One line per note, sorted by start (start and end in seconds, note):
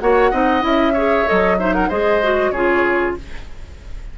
0.00 0.32 A#3
0.00 0.32 F#4
0.00 0.31 C#5
0.00 0.63 F#5
0.31 0.62 C4
0.31 0.61 D#4
0.31 0.93 D#5
0.61 1.26 C#4
0.61 0.92 E4
0.61 1.27 E5
0.93 1.26 G#4
0.93 1.56 C#5
1.26 1.90 F#3
1.26 1.57 A4
1.26 1.58 D#5
1.58 1.90 D#4
1.58 1.74 C5
1.58 1.74 E5
1.74 1.88 A#4
1.74 1.89 F#5
1.88 2.51 G#3
1.88 2.22 G#4
1.88 2.51 C5
1.88 2.51 D#5
2.22 2.54 F#4
2.51 3.14 C#3
2.51 3.18 F4
2.51 3.15 G#4
2.51 3.14 C#5